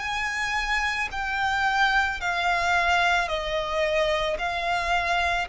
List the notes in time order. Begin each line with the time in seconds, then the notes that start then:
0.00 G#5
1.12 G5
2.21 F5
3.29 D#5
4.39 F5